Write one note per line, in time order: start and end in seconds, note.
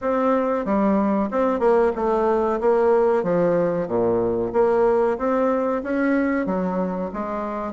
0.01 0.65 C4
0.65 1.29 G3
1.30 1.59 C4
1.59 1.91 A#3
1.95 2.60 A3
2.60 3.23 A#3
3.23 3.87 F3
3.87 4.52 A#2
4.52 5.17 A#3
5.18 5.82 C4
5.83 6.45 C#4
6.45 7.10 F#3
7.13 7.72 G#3